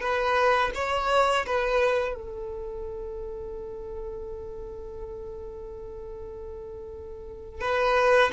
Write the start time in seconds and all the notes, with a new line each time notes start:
0.00 B4
0.75 C#5
1.46 B4
2.15 A4
7.60 B4